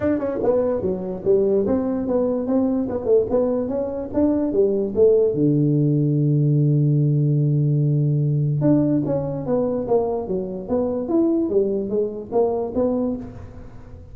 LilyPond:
\new Staff \with { instrumentName = "tuba" } { \time 4/4 \tempo 4 = 146 d'8 cis'8 b4 fis4 g4 | c'4 b4 c'4 b8 a8 | b4 cis'4 d'4 g4 | a4 d2.~ |
d1~ | d4 d'4 cis'4 b4 | ais4 fis4 b4 e'4 | g4 gis4 ais4 b4 | }